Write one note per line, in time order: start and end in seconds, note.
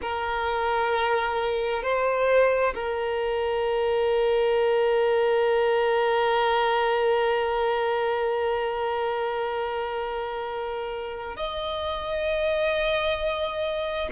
0.01 1.83 A#4
1.83 2.74 C5
2.74 11.36 A#4
11.36 14.09 D#5